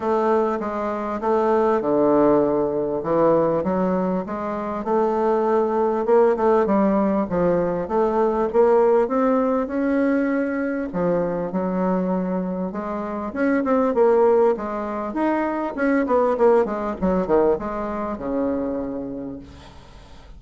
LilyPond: \new Staff \with { instrumentName = "bassoon" } { \time 4/4 \tempo 4 = 99 a4 gis4 a4 d4~ | d4 e4 fis4 gis4 | a2 ais8 a8 g4 | f4 a4 ais4 c'4 |
cis'2 f4 fis4~ | fis4 gis4 cis'8 c'8 ais4 | gis4 dis'4 cis'8 b8 ais8 gis8 | fis8 dis8 gis4 cis2 | }